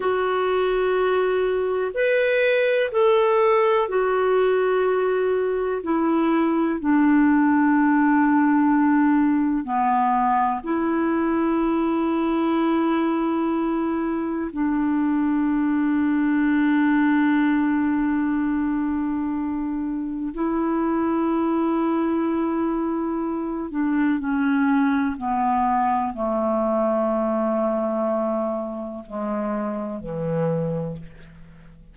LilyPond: \new Staff \with { instrumentName = "clarinet" } { \time 4/4 \tempo 4 = 62 fis'2 b'4 a'4 | fis'2 e'4 d'4~ | d'2 b4 e'4~ | e'2. d'4~ |
d'1~ | d'4 e'2.~ | e'8 d'8 cis'4 b4 a4~ | a2 gis4 e4 | }